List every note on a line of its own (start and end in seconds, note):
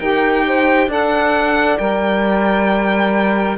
0.00 0.88 D#4
0.00 0.89 G4
0.00 0.45 A#4
0.00 0.90 G5
0.47 0.89 C5
0.88 1.77 D4
0.88 1.79 A4
0.88 3.58 D5
0.88 1.78 F#5
1.78 3.59 G3
1.78 3.58 A#4
1.78 3.57 G5